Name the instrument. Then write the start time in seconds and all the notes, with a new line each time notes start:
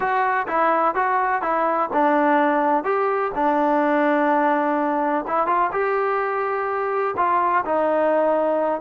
trombone
0.00 F#4
0.47 E4
0.94 F#4
1.42 E4
1.93 D4
2.83 G4
3.34 D4
5.27 E4
5.46 F4
5.71 G4
7.16 F4
7.65 D#4